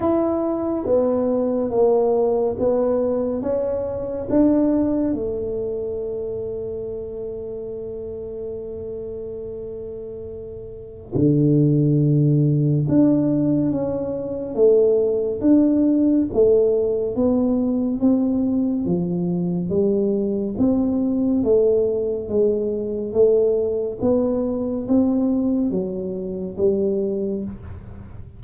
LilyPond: \new Staff \with { instrumentName = "tuba" } { \time 4/4 \tempo 4 = 70 e'4 b4 ais4 b4 | cis'4 d'4 a2~ | a1~ | a4 d2 d'4 |
cis'4 a4 d'4 a4 | b4 c'4 f4 g4 | c'4 a4 gis4 a4 | b4 c'4 fis4 g4 | }